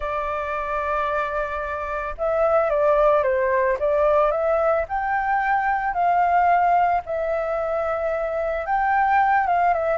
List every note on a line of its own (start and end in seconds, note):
0.00 2.14 D5
2.17 2.70 E5
2.70 3.23 D5
3.23 3.77 C5
3.79 4.31 D5
4.31 4.85 E5
4.88 5.93 G5
5.93 7.01 F5
7.05 8.66 E5
8.66 9.46 G5
9.46 9.73 F5
9.73 9.97 E5